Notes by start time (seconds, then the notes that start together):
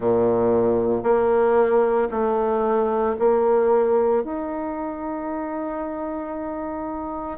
0.00 A#2
1.03 A#3
2.11 A3
3.19 A#3
4.23 D#4